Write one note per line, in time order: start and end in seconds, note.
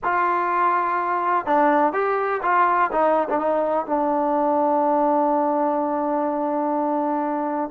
0.03 1.45 F4
1.45 1.92 D4
1.92 2.41 G4
2.42 2.90 F4
2.92 3.28 D#4
3.29 3.38 D4
3.38 3.86 D#4
3.86 7.70 D4